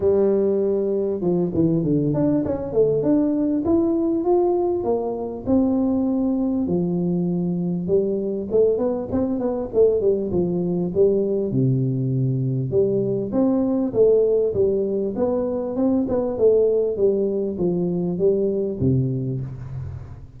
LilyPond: \new Staff \with { instrumentName = "tuba" } { \time 4/4 \tempo 4 = 99 g2 f8 e8 d8 d'8 | cis'8 a8 d'4 e'4 f'4 | ais4 c'2 f4~ | f4 g4 a8 b8 c'8 b8 |
a8 g8 f4 g4 c4~ | c4 g4 c'4 a4 | g4 b4 c'8 b8 a4 | g4 f4 g4 c4 | }